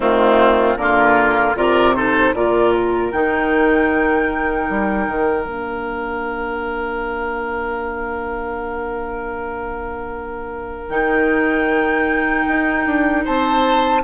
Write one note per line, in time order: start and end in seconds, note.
0.00 0.76 D#3
0.00 0.77 A3
0.00 0.77 C4
0.00 0.77 F4
0.76 1.54 D3
0.76 1.56 A#3
0.76 1.56 F4
0.76 1.55 A#4
1.54 2.32 C3
1.54 1.94 F4
1.54 1.95 A#4
1.54 1.95 D5
1.95 2.34 D#4
1.95 2.35 A4
1.95 2.34 C5
2.34 3.12 A#2
2.34 3.12 F4
2.34 13.24 A#4
2.34 2.73 D5
2.73 3.12 A#4
3.12 4.69 D#3
3.12 5.46 D#4
3.12 5.45 G5
4.69 5.07 G3
5.07 5.46 D#3
5.45 10.89 A#3
5.45 10.89 D4
5.45 10.89 F5
10.89 12.45 D#3
10.89 14.01 D#4
10.89 13.23 G5
12.47 12.86 D#4
12.86 13.25 D4
13.24 14.03 C4
13.24 14.02 C5
13.24 14.03 A5